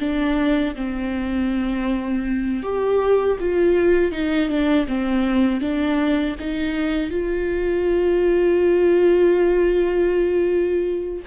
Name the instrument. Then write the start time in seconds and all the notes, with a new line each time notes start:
viola
0.00 D4
0.75 C4
2.63 G4
3.40 F4
4.12 D#4
4.49 D4
4.88 C4
5.61 D4
6.40 D#4
7.10 F4